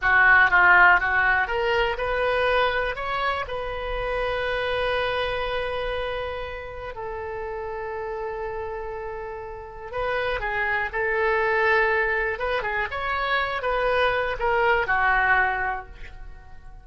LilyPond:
\new Staff \with { instrumentName = "oboe" } { \time 4/4 \tempo 4 = 121 fis'4 f'4 fis'4 ais'4 | b'2 cis''4 b'4~ | b'1~ | b'2 a'2~ |
a'1 | b'4 gis'4 a'2~ | a'4 b'8 gis'8 cis''4. b'8~ | b'4 ais'4 fis'2 | }